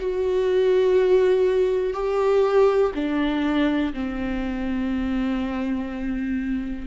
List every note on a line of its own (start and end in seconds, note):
0.00 1.94 F#4
1.94 2.92 G4
2.95 3.93 D4
3.94 6.88 C4